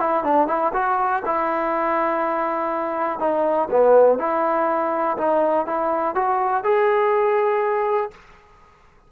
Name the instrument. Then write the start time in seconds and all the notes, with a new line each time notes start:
trombone
0.00 E4
0.24 D4
0.48 E4
0.74 F#4
1.26 E4
3.20 D#4
3.71 B3
4.19 E4
5.18 D#4
5.67 E4
6.15 F#4
6.64 G#4